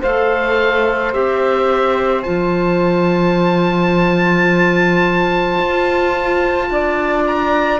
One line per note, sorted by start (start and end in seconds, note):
0.00 1.14 A3
0.00 1.12 A4
0.00 6.67 C5
0.00 1.12 F5
1.12 2.25 C4
1.12 2.23 G4
1.12 2.22 E5
2.22 5.58 F3
2.22 7.78 F4
2.22 7.22 A5
5.58 6.69 F4
6.69 7.80 D4
6.69 7.80 D5
7.26 7.80 A#5